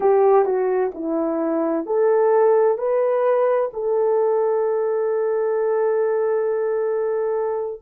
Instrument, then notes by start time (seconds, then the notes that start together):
horn
0.00 G4
0.45 F#4
0.94 E4
1.86 A4
2.78 B4
3.73 A4